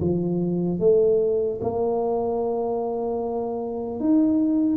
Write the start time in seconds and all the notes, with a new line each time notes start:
0.00 F3
0.79 A3
1.61 A#3
4.00 D#4